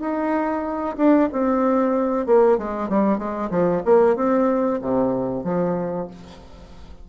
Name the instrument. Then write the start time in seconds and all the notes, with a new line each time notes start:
bassoon
0.00 D#4
0.97 D4
1.32 C4
2.26 A#3
2.58 G#3
2.89 G3
3.18 G#3
3.50 F3
3.85 A#3
4.16 C4
4.81 C3
5.44 F3